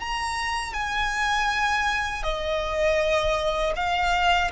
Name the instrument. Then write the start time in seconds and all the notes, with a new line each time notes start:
violin
0.00 A#5
0.74 G#5
2.23 D#5
3.76 F5